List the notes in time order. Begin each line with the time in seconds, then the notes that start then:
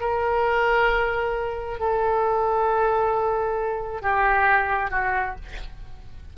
0.00 A#4
1.79 A4
4.02 G4
4.90 F#4